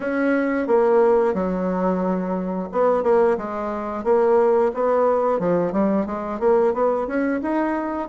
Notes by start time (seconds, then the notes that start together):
0.00 C#4
0.67 A#3
1.34 F#3
2.72 B3
3.03 A#3
3.37 G#3
4.04 A#3
4.74 B3
5.39 F3
5.72 G3
6.06 G#3
6.39 A#3
6.73 B3
7.07 C#4
7.42 D#4